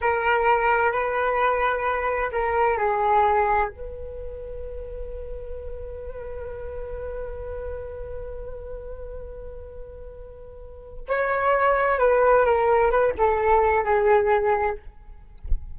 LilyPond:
\new Staff \with { instrumentName = "flute" } { \time 4/4 \tempo 4 = 130 ais'2 b'2~ | b'4 ais'4 gis'2 | b'1~ | b'1~ |
b'1~ | b'1 | cis''2 b'4 ais'4 | b'8 a'4. gis'2 | }